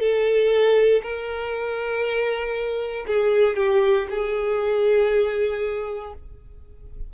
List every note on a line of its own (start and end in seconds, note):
0.00 1.02 A4
1.03 3.06 A#4
3.07 3.56 G#4
3.56 4.07 G4
4.10 6.13 G#4